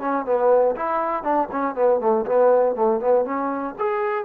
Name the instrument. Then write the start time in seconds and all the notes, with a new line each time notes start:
trombone
0.00 C#4
0.25 B3
0.75 E4
1.23 D4
1.51 C#4
1.75 B3
2.00 A3
2.25 B3
2.75 A3
3.00 B3
3.25 C#4
3.78 G#4